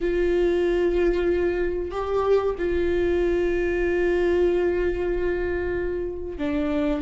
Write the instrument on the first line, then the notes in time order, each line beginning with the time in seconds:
viola
0.00 F4
1.91 G4
2.57 F4
6.37 D4